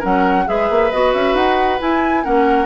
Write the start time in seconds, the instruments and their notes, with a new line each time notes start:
0.00 bassoon F#3, clarinet C#4, oboe A#4, flute F#5
0.46 bassoon G#3, clarinet G#4, oboe B4, flute E5
0.70 bassoon A#3
0.91 bassoon B3, clarinet F#4, flute D#5
1.14 bassoon C#4, flute E5
1.35 bassoon D#4, flute F#5
1.80 clarinet E4, bassoon E4, flute G#5
2.24 bassoon A#3, clarinet C#4, oboe A#4, flute F#5